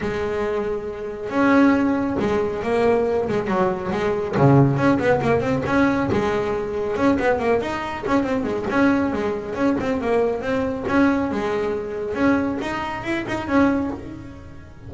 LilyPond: \new Staff \with { instrumentName = "double bass" } { \time 4/4 \tempo 4 = 138 gis2. cis'4~ | cis'4 gis4 ais4. gis8 | fis4 gis4 cis4 cis'8 b8 | ais8 c'8 cis'4 gis2 |
cis'8 b8 ais8 dis'4 cis'8 c'8 gis8 | cis'4 gis4 cis'8 c'8 ais4 | c'4 cis'4 gis2 | cis'4 dis'4 e'8 dis'8 cis'4 | }